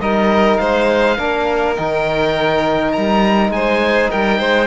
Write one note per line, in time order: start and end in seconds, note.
0.00 0.59 G3
0.00 1.17 D#4
0.00 0.60 A#4
0.00 0.56 D#5
0.56 1.18 G#3
0.56 1.17 C5
0.56 1.74 F5
1.17 1.77 A#3
1.17 1.76 D4
1.17 3.52 A#4
1.76 2.96 D#3
1.76 4.67 D#4
1.76 2.92 G5
2.92 3.50 G3
2.92 3.51 A#5
3.50 4.08 G#3
3.50 4.10 C5
3.50 4.10 G#5
4.10 4.39 G3
4.10 4.38 A#4
4.10 4.67 G5
4.38 4.67 G#3
4.38 4.67 C5